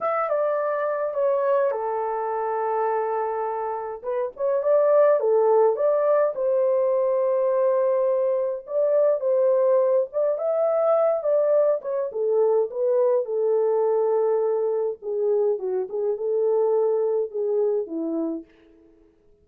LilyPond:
\new Staff \with { instrumentName = "horn" } { \time 4/4 \tempo 4 = 104 e''8 d''4. cis''4 a'4~ | a'2. b'8 cis''8 | d''4 a'4 d''4 c''4~ | c''2. d''4 |
c''4. d''8 e''4. d''8~ | d''8 cis''8 a'4 b'4 a'4~ | a'2 gis'4 fis'8 gis'8 | a'2 gis'4 e'4 | }